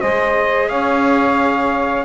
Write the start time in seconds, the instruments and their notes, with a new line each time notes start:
0.00 double bass G#3, viola G#4, saxophone C5, trumpet D#5
0.68 double bass C#4, saxophone C#5, trumpet F5